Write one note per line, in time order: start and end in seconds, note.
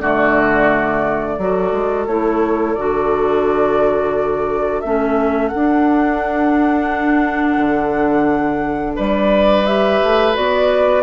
0.00 1.38 D3
0.00 1.40 A3
0.00 1.39 F#4
0.00 2.07 D5
1.38 1.72 F#3
1.38 2.09 F#4
1.38 8.96 A4
1.72 2.07 G#3
2.07 2.76 A3
2.07 2.78 E4
2.07 2.74 C#5
2.74 4.84 D3
2.74 4.84 F#4
2.74 4.81 D5
4.81 5.53 A3
4.81 5.53 C#4
4.81 5.49 E5
5.49 8.94 F#5
5.55 7.57 D4
5.55 9.67 D4
7.57 8.95 D3
8.96 10.02 G3
8.96 11.03 B4
8.96 9.66 D5
9.66 10.34 G4
9.66 10.35 E5
10.03 10.36 A3
10.34 11.03 B3
10.34 11.03 F#4
10.34 11.03 D5